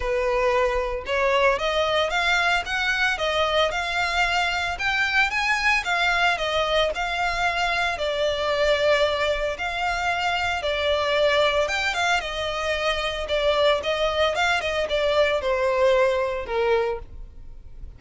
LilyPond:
\new Staff \with { instrumentName = "violin" } { \time 4/4 \tempo 4 = 113 b'2 cis''4 dis''4 | f''4 fis''4 dis''4 f''4~ | f''4 g''4 gis''4 f''4 | dis''4 f''2 d''4~ |
d''2 f''2 | d''2 g''8 f''8 dis''4~ | dis''4 d''4 dis''4 f''8 dis''8 | d''4 c''2 ais'4 | }